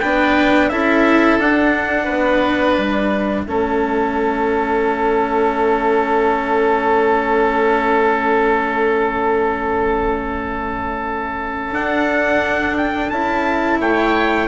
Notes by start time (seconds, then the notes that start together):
0.00 B3 D4 B4 G5
0.69 C#4 E4 A4 E5
1.38 D4 F#5
2.04 B3 B4
2.77 G3 E5
3.47 A3 C#4 A4
11.71 D4 F#5
12.77 G5
13.10 C#4 E4 A5
13.79 A3 C#5 G5